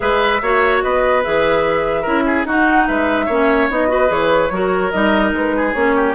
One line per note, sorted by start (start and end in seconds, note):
0.00 0.41 G#3
0.00 0.40 G#4
0.00 0.41 B4
0.00 0.81 E5
0.41 0.82 A#3
0.41 1.23 F#4
0.41 0.83 C#5
0.82 1.24 B3
0.82 2.02 B4
0.82 1.23 D#5
1.23 2.05 E3
1.23 2.04 G#4
1.23 2.46 E5
2.02 2.44 C#4
2.02 2.46 E4
2.02 2.22 A#4
2.26 2.46 G#4
2.44 2.85 D#4
2.44 3.30 D#4
2.44 2.87 F#4
2.44 2.87 F#5
2.87 3.27 G#3
2.87 3.25 B4
2.87 3.69 E5
3.25 3.69 A#3
3.25 3.70 C#4
3.25 3.87 C#5
3.69 4.10 B3
3.69 3.87 D#4
3.69 4.11 D#5
3.87 4.07 F#4
3.87 4.52 B4
4.07 4.50 E3
4.07 4.48 G#4
4.07 4.91 C#5
4.50 4.91 F#3
4.50 4.92 F#4
4.50 5.56 A#4
4.91 5.32 G3
4.91 5.74 D#4
4.91 5.32 D#5
5.32 5.74 G#3
5.32 5.73 B4
5.56 5.95 G#4
5.73 6.15 A#3
5.73 6.15 C#4
5.73 6.14 C#5
5.95 6.15 G4